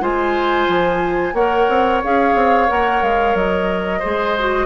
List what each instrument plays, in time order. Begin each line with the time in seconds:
0.00 bassoon G#3, clarinet F4, oboe C5, flute G#5
0.68 bassoon F3
1.33 bassoon A#3, clarinet A#4, oboe C#5, flute F#5
1.69 bassoon C4
2.04 bassoon C#4, clarinet G#4, flute F5
2.34 bassoon C4
2.67 bassoon A#3, clarinet A#4, flute F#5
3.02 bassoon G#3, flute F5
3.34 bassoon F#3, flute D#5
3.99 bassoon G#3, clarinet G#4, oboe C5
4.39 clarinet F#4